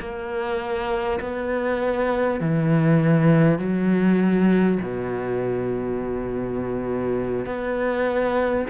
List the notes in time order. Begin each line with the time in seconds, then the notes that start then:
0.00 A#3
1.20 B3
2.40 E3
3.59 F#3
4.82 B2
7.46 B3